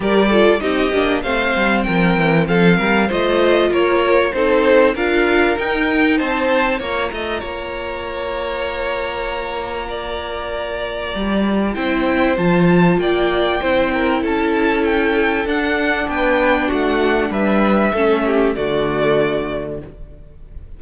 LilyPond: <<
  \new Staff \with { instrumentName = "violin" } { \time 4/4 \tempo 4 = 97 d''4 dis''4 f''4 g''4 | f''4 dis''4 cis''4 c''4 | f''4 g''4 a''4 ais''4~ | ais''1~ |
ais''2. g''4 | a''4 g''2 a''4 | g''4 fis''4 g''4 fis''4 | e''2 d''2 | }
  \new Staff \with { instrumentName = "violin" } { \time 4/4 ais'8 a'8 g'4 c''4 ais'4 | a'8 ais'8 c''4 ais'4 a'4 | ais'2 c''4 cis''8 dis''8 | cis''1 |
d''2. c''4~ | c''4 d''4 c''8 ais'8 a'4~ | a'2 b'4 fis'4 | b'4 a'8 g'8 fis'2 | }
  \new Staff \with { instrumentName = "viola" } { \time 4/4 g'8 f'8 dis'8 d'8 c'2~ | c'4 f'2 dis'4 | f'4 dis'2 f'4~ | f'1~ |
f'2. e'4 | f'2 e'2~ | e'4 d'2.~ | d'4 cis'4 a2 | }
  \new Staff \with { instrumentName = "cello" } { \time 4/4 g4 c'8 ais8 a8 g8 f8 e8 | f8 g8 a4 ais4 c'4 | d'4 dis'4 c'4 ais8 a8 | ais1~ |
ais2 g4 c'4 | f4 ais4 c'4 cis'4~ | cis'4 d'4 b4 a4 | g4 a4 d2 | }
>>